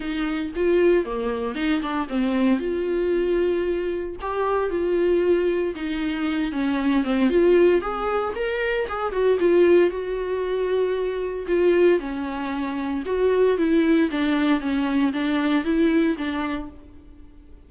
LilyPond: \new Staff \with { instrumentName = "viola" } { \time 4/4 \tempo 4 = 115 dis'4 f'4 ais4 dis'8 d'8 | c'4 f'2. | g'4 f'2 dis'4~ | dis'8 cis'4 c'8 f'4 gis'4 |
ais'4 gis'8 fis'8 f'4 fis'4~ | fis'2 f'4 cis'4~ | cis'4 fis'4 e'4 d'4 | cis'4 d'4 e'4 d'4 | }